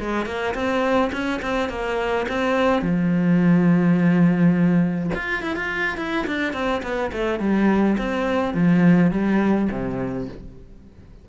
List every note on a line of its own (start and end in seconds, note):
0.00 0.26 G#3
0.26 0.54 A#3
0.55 1.12 C4
1.12 1.41 C#4
1.42 1.70 C4
1.70 2.27 A#3
2.29 2.82 C4
2.82 5.11 F3
5.15 5.43 F4
5.43 5.56 E4
5.56 5.98 F4
5.98 6.26 E4
6.27 6.54 D4
6.54 6.82 C4
6.83 7.11 B3
7.13 7.40 A3
7.40 7.97 G3
7.98 8.54 C4
8.54 9.11 F3
9.11 9.69 G3
9.72 10.29 C3